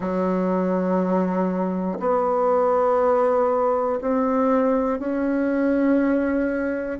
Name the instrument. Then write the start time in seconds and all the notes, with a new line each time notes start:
bassoon
0.00 F#3
1.99 B3
4.00 C4
4.99 C#4